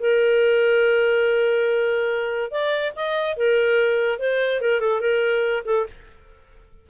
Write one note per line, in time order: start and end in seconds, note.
0.00 2.51 A#4
2.51 2.93 D5
2.96 3.37 D#5
3.37 4.19 A#4
4.19 4.61 C5
4.61 4.80 A#4
4.80 5.01 A4
5.01 5.64 A#4
5.65 5.86 A4